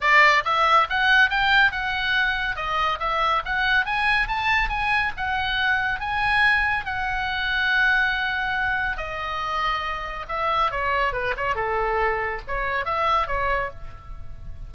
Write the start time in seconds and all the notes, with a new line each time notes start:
0.00 D5
0.44 E5
0.89 F#5
1.30 G5
1.71 F#5
2.56 D#5
2.99 E5
3.45 F#5
3.85 G#5
4.27 A5
4.69 G#5
5.16 F#5
6.00 G#5
6.85 F#5
8.97 D#5
10.28 E5
10.71 C#5
11.13 B4
11.36 C#5
11.55 A4
12.47 C#5
12.85 E5
13.27 C#5